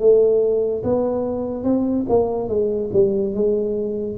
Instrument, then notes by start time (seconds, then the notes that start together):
tuba
0.00 A3
0.84 B3
1.64 C4
2.09 A#3
2.49 G#3
2.94 G3
3.34 G#3